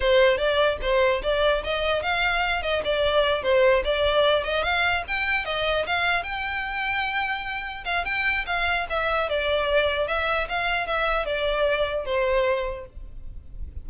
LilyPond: \new Staff \with { instrumentName = "violin" } { \time 4/4 \tempo 4 = 149 c''4 d''4 c''4 d''4 | dis''4 f''4. dis''8 d''4~ | d''8 c''4 d''4. dis''8 f''8~ | f''8 g''4 dis''4 f''4 g''8~ |
g''2.~ g''8 f''8 | g''4 f''4 e''4 d''4~ | d''4 e''4 f''4 e''4 | d''2 c''2 | }